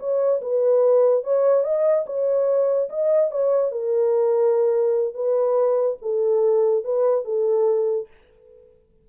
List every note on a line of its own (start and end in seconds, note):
0.00 0.41 C#5
0.42 1.24 B4
1.24 1.64 C#5
1.64 2.06 D#5
2.07 2.89 C#5
2.90 3.31 D#5
3.32 3.72 C#5
3.72 5.15 A#4
5.15 5.97 B4
6.02 6.85 A4
6.85 7.25 B4
7.25 8.08 A4